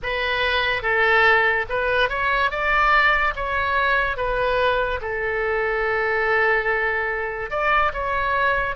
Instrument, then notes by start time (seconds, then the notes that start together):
oboe
0.02 B4
0.82 A4
1.69 B4
2.09 C#5
2.50 D5
3.35 C#5
4.16 B4
5.01 A4
7.50 D5
7.93 C#5